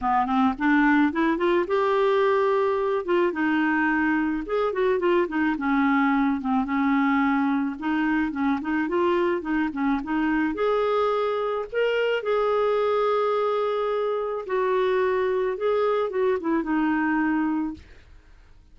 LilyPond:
\new Staff \with { instrumentName = "clarinet" } { \time 4/4 \tempo 4 = 108 b8 c'8 d'4 e'8 f'8 g'4~ | g'4. f'8 dis'2 | gis'8 fis'8 f'8 dis'8 cis'4. c'8 | cis'2 dis'4 cis'8 dis'8 |
f'4 dis'8 cis'8 dis'4 gis'4~ | gis'4 ais'4 gis'2~ | gis'2 fis'2 | gis'4 fis'8 e'8 dis'2 | }